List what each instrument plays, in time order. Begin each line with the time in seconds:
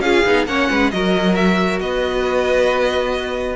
0.00 cello C#4, viola F4, violin G#4 F5
0.25 cello B3, viola D#4
0.46 cello A#3, viola C#4, violin C#5 F#5
0.70 cello G#3, violin B4
0.91 cello F#3, viola F#4, violin A#4 D#5
1.35 violin E5
1.80 cello B3, violin B4 D#5